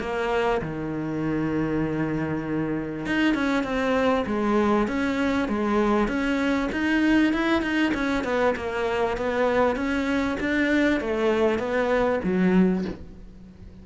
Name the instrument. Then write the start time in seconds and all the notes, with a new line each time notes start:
cello
0.00 A#3
0.62 D#3
3.06 D#4
3.35 C#4
3.64 C4
4.27 G#3
4.88 C#4
5.49 G#3
6.08 C#4
6.72 D#4
7.33 E4
7.62 D#4
7.94 C#4
8.24 B3
8.56 A#3
9.18 B3
9.76 C#4
10.40 D4
11.01 A3
11.59 B3
12.24 F#3